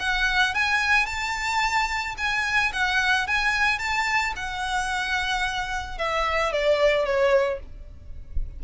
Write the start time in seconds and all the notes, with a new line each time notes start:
0.00 F#5
0.55 G#5
1.06 A5
2.18 G#5
2.73 F#5
3.28 G#5
3.79 A5
4.36 F#5
5.98 E5
6.53 D5
7.05 C#5